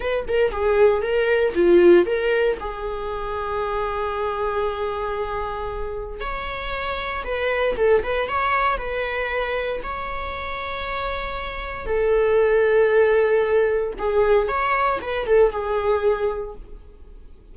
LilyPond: \new Staff \with { instrumentName = "viola" } { \time 4/4 \tempo 4 = 116 b'8 ais'8 gis'4 ais'4 f'4 | ais'4 gis'2.~ | gis'1 | cis''2 b'4 a'8 b'8 |
cis''4 b'2 cis''4~ | cis''2. a'4~ | a'2. gis'4 | cis''4 b'8 a'8 gis'2 | }